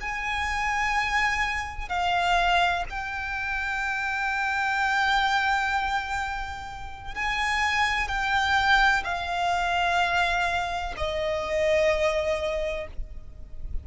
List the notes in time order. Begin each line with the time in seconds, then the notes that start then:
0.00 G#5
1.88 F5
2.90 G5
7.15 G#5
8.07 G5
9.04 F5
10.97 D#5